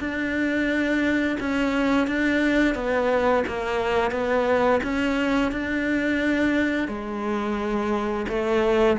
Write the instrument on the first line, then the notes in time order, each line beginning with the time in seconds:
cello
0.00 D4
1.40 C#4
2.08 D4
2.75 B3
3.48 A#3
4.12 B3
4.84 C#4
5.52 D4
6.89 G#3
8.29 A3